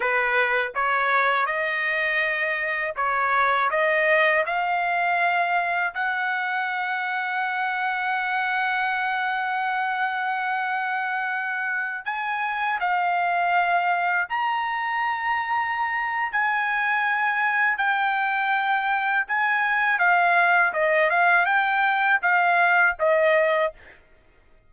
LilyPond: \new Staff \with { instrumentName = "trumpet" } { \time 4/4 \tempo 4 = 81 b'4 cis''4 dis''2 | cis''4 dis''4 f''2 | fis''1~ | fis''1~ |
fis''16 gis''4 f''2 ais''8.~ | ais''2 gis''2 | g''2 gis''4 f''4 | dis''8 f''8 g''4 f''4 dis''4 | }